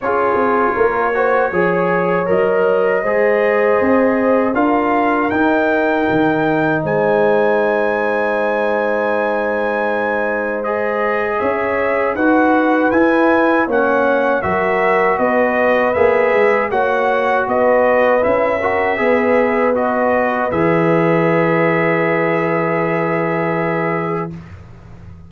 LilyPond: <<
  \new Staff \with { instrumentName = "trumpet" } { \time 4/4 \tempo 4 = 79 cis''2. dis''4~ | dis''2 f''4 g''4~ | g''4 gis''2.~ | gis''2 dis''4 e''4 |
fis''4 gis''4 fis''4 e''4 | dis''4 e''4 fis''4 dis''4 | e''2 dis''4 e''4~ | e''1 | }
  \new Staff \with { instrumentName = "horn" } { \time 4/4 gis'4 ais'8 c''8 cis''2 | c''2 ais'2~ | ais'4 c''2.~ | c''2. cis''4 |
b'2 cis''4 ais'4 | b'2 cis''4 b'4~ | b'8 ais'8 b'2.~ | b'1 | }
  \new Staff \with { instrumentName = "trombone" } { \time 4/4 f'4. fis'8 gis'4 ais'4 | gis'2 f'4 dis'4~ | dis'1~ | dis'2 gis'2 |
fis'4 e'4 cis'4 fis'4~ | fis'4 gis'4 fis'2 | e'8 fis'8 gis'4 fis'4 gis'4~ | gis'1 | }
  \new Staff \with { instrumentName = "tuba" } { \time 4/4 cis'8 c'8 ais4 f4 fis4 | gis4 c'4 d'4 dis'4 | dis4 gis2.~ | gis2. cis'4 |
dis'4 e'4 ais4 fis4 | b4 ais8 gis8 ais4 b4 | cis'4 b2 e4~ | e1 | }
>>